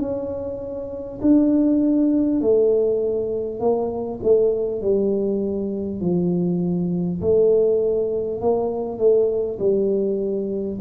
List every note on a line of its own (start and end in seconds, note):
0.00 1.20 C#4
1.22 2.42 D4
2.42 3.60 A3
3.60 4.20 A#3
4.23 4.82 A3
4.82 6.01 G3
6.01 7.21 F3
7.21 8.41 A3
8.41 8.98 A#3
8.98 9.58 A3
9.59 10.79 G3